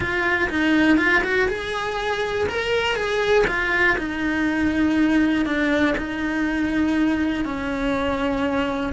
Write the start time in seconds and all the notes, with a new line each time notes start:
0.00 F4
0.49 D#4
0.97 F4
1.23 F#4
1.48 G#4
2.49 A#4
2.95 G#4
3.47 F4
3.98 D#4
5.45 D4
5.97 D#4
7.44 C#4